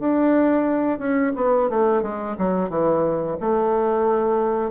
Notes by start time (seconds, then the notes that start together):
0.00 D4
0.99 C#4
1.36 B3
1.70 A3
2.03 G#3
2.38 F#3
2.70 E3
3.41 A3